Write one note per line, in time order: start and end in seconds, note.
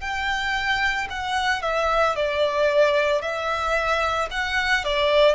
0.00 1.07 G5
1.10 1.62 F#5
1.62 2.15 E5
2.15 3.21 D5
3.21 4.28 E5
4.30 4.84 F#5
4.84 5.35 D5